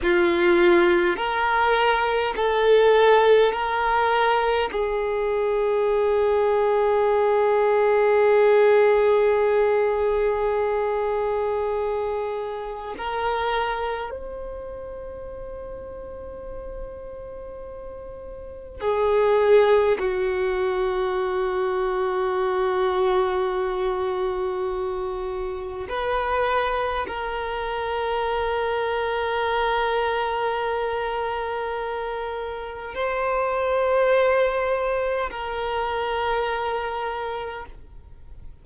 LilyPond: \new Staff \with { instrumentName = "violin" } { \time 4/4 \tempo 4 = 51 f'4 ais'4 a'4 ais'4 | gis'1~ | gis'2. ais'4 | c''1 |
gis'4 fis'2.~ | fis'2 b'4 ais'4~ | ais'1 | c''2 ais'2 | }